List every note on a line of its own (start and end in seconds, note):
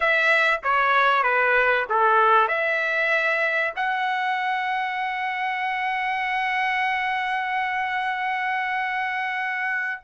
0.00 0.60 E5
0.62 1.23 C#5
1.23 1.85 B4
1.89 2.48 A4
2.48 3.73 E5
3.76 10.01 F#5